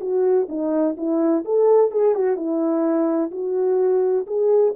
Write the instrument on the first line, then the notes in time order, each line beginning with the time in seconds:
horn
0.00 F#4
0.49 D#4
0.97 E4
1.45 A4
1.91 G#4
2.15 F#4
2.36 E4
3.31 F#4
4.26 G#4